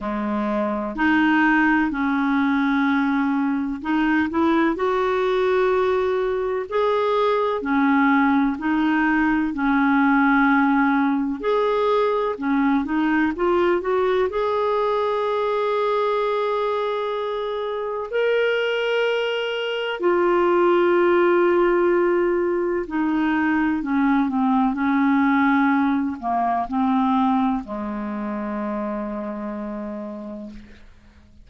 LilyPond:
\new Staff \with { instrumentName = "clarinet" } { \time 4/4 \tempo 4 = 63 gis4 dis'4 cis'2 | dis'8 e'8 fis'2 gis'4 | cis'4 dis'4 cis'2 | gis'4 cis'8 dis'8 f'8 fis'8 gis'4~ |
gis'2. ais'4~ | ais'4 f'2. | dis'4 cis'8 c'8 cis'4. ais8 | c'4 gis2. | }